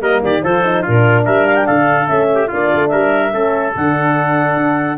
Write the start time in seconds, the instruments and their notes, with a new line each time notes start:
0.00 tuba G3, horn A#3, trumpet A#4, clarinet D#5
0.22 tuba D#3, trumpet G4, clarinet D5
0.42 tuba F3, horn F4, trumpet A4, clarinet C5
0.65 horn D#4
0.82 tuba A#2, horn D4, trumpet F4, clarinet A#4
1.25 tuba G3, trumpet A#4, clarinet E5
1.46 clarinet F5
1.55 clarinet G5
1.66 tuba D3, trumpet A4, clarinet F5
2.06 tuba A3, horn C#4, clarinet E5
2.34 trumpet G4
2.48 tuba A#3, horn D4, trumpet F4, clarinet D5
2.74 tuba A3
2.88 tuba G3, trumpet A#4, clarinet E5
3.32 tuba A3, horn C#4, trumpet A4
3.75 tuba D3, horn D4, clarinet F#5
4.57 tuba D4